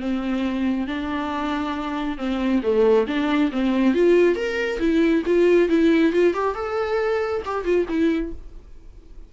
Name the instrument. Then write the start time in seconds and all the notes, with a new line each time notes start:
viola
0.00 C4
0.88 D4
2.18 C4
2.63 A3
3.07 D4
3.52 C4
3.94 F4
4.36 A#4
4.79 E4
5.27 F4
5.69 E4
6.13 F4
6.34 G4
6.55 A4
7.46 G4
7.64 F4
7.89 E4